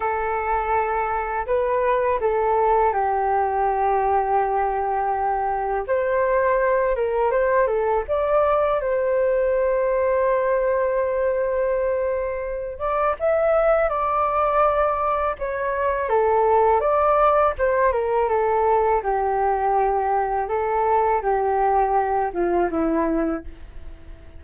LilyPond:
\new Staff \with { instrumentName = "flute" } { \time 4/4 \tempo 4 = 82 a'2 b'4 a'4 | g'1 | c''4. ais'8 c''8 a'8 d''4 | c''1~ |
c''4. d''8 e''4 d''4~ | d''4 cis''4 a'4 d''4 | c''8 ais'8 a'4 g'2 | a'4 g'4. f'8 e'4 | }